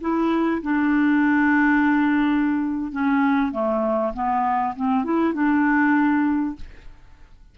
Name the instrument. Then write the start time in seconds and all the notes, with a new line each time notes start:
clarinet
0.00 E4
0.62 D4
2.91 C#4
3.51 A3
4.13 B3
4.76 C4
5.04 E4
5.33 D4